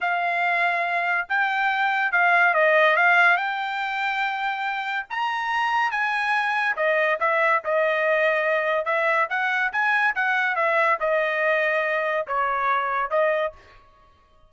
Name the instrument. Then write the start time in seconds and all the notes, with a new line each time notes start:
trumpet
0.00 F5
1.28 G5
2.12 F5
2.54 D#5
2.96 F5
3.36 G5
5.10 A#5
5.91 G#5
6.76 D#5
7.20 E5
7.64 D#5
8.85 E5
9.29 F#5
9.72 G#5
10.15 F#5
10.55 E5
11.00 D#5
12.27 C#5
13.10 D#5